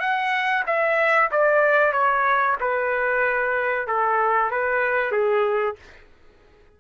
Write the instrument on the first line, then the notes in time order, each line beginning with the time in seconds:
trumpet
0.00 F#5
0.66 E5
1.31 D5
1.92 C#5
2.61 B4
3.87 A4
4.51 B4
5.12 G#4